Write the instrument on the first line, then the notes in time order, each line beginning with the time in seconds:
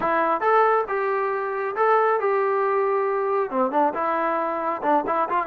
trombone
0.00 E4
0.40 A4
0.88 G4
1.76 A4
2.20 G4
3.50 C4
3.71 D4
3.94 E4
4.82 D4
5.06 E4
5.29 F4